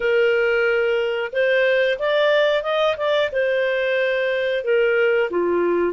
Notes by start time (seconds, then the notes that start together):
0.00 A#4
1.32 C5
1.98 D5
2.63 D#5
2.97 D5
3.32 C5
4.64 A#4
5.30 F4